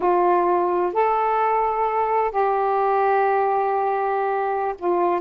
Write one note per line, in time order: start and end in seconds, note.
0.00 0.93 F4
0.93 2.31 A4
2.31 4.75 G4
4.78 5.21 F4